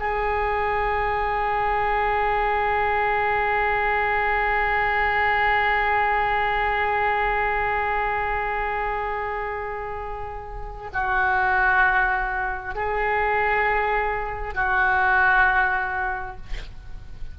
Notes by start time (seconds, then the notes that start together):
0.00 G#4
10.93 F#4
12.75 G#4
14.55 F#4